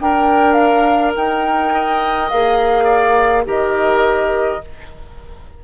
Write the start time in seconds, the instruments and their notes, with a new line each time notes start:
0.00 bassoon D4, oboe A#4, clarinet A#4, flute G5
0.53 flute F5
1.16 bassoon D#4, flute G5
1.74 oboe D#5
2.29 bassoon A#3, clarinet G#4, flute F5
2.84 oboe D5
3.45 bassoon D#3, clarinet G4, oboe A#4, flute D#5